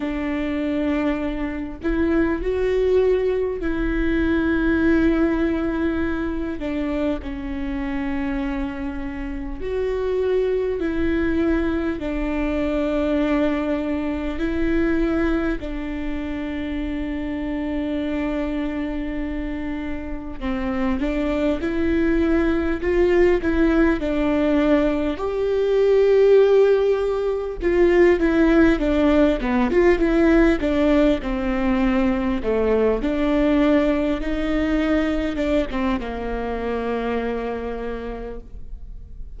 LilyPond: \new Staff \with { instrumentName = "viola" } { \time 4/4 \tempo 4 = 50 d'4. e'8 fis'4 e'4~ | e'4. d'8 cis'2 | fis'4 e'4 d'2 | e'4 d'2.~ |
d'4 c'8 d'8 e'4 f'8 e'8 | d'4 g'2 f'8 e'8 | d'8 b16 f'16 e'8 d'8 c'4 a8 d'8~ | d'8 dis'4 d'16 c'16 ais2 | }